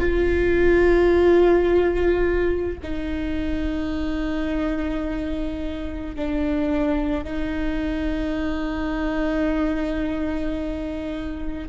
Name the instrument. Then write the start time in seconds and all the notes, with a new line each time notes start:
viola
0.00 F4
2.83 D#4
6.16 D4
7.24 D#4